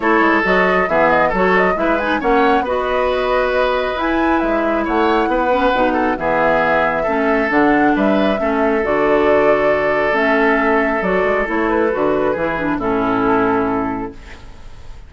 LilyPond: <<
  \new Staff \with { instrumentName = "flute" } { \time 4/4 \tempo 4 = 136 cis''4 dis''4 e''8 dis''8 cis''8 dis''8 | e''8 gis''8 fis''4 dis''2~ | dis''4 gis''4 e''4 fis''4~ | fis''2 e''2~ |
e''4 fis''4 e''2 | d''2. e''4~ | e''4 d''4 cis''8 b'4.~ | b'4 a'2. | }
  \new Staff \with { instrumentName = "oboe" } { \time 4/4 a'2 gis'4 a'4 | b'4 cis''4 b'2~ | b'2. cis''4 | b'4. a'8 gis'2 |
a'2 b'4 a'4~ | a'1~ | a'1 | gis'4 e'2. | }
  \new Staff \with { instrumentName = "clarinet" } { \time 4/4 e'4 fis'4 b4 fis'4 | e'8 dis'8 cis'4 fis'2~ | fis'4 e'2.~ | e'8 cis'8 dis'4 b2 |
cis'4 d'2 cis'4 | fis'2. cis'4~ | cis'4 fis'4 e'4 fis'4 | e'8 d'8 cis'2. | }
  \new Staff \with { instrumentName = "bassoon" } { \time 4/4 a8 gis8 fis4 e4 fis4 | gis4 ais4 b2~ | b4 e'4 gis4 a4 | b4 b,4 e2 |
a4 d4 g4 a4 | d2. a4~ | a4 fis8 gis8 a4 d4 | e4 a,2. | }
>>